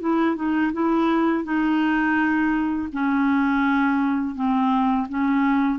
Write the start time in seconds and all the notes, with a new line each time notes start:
0.00 E4
0.36 D#4
0.73 E4
1.44 D#4
2.92 C#4
4.35 C4
5.09 C#4